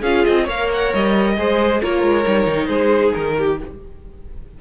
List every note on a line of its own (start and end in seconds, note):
0.00 0.24 C#4
0.00 0.48 F4
0.00 0.44 G#4
0.00 0.25 F5
0.25 0.48 C4
0.25 0.47 D#5
0.44 0.93 A#3
0.44 1.37 A#4
0.44 1.32 C#5
0.44 0.71 F5
0.73 0.94 F#5
0.94 1.38 G3
0.94 1.83 D#5
1.37 1.82 G#3
1.37 1.82 G#4
1.37 1.82 C5
1.82 2.03 A#3
1.82 2.24 F4
1.82 2.68 A#4
1.82 2.67 C#5
2.03 2.25 G#3
2.24 2.47 G3
2.24 3.57 D#4
2.47 2.69 D#3
2.67 3.13 G#3
2.67 3.35 G#4
2.67 3.11 C5
3.14 3.61 D#3
3.14 3.58 A#4
3.38 3.61 G4